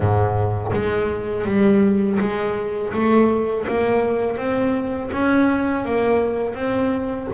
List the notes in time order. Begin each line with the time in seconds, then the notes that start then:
0.00 G#2
0.73 G#3
1.45 G3
2.19 G#3
2.93 A3
3.67 A#3
4.37 C4
5.12 C#4
5.85 A#3
6.55 C4